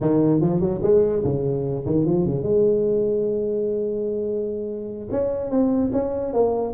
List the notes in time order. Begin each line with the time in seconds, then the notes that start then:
0.00 D#3
0.41 F3
0.60 F#3
0.82 G#3
1.24 C#3
1.85 D#3
2.05 F3
2.25 C#3
2.42 G#3
5.11 C#4
5.50 C4
5.92 C#4
6.33 A#3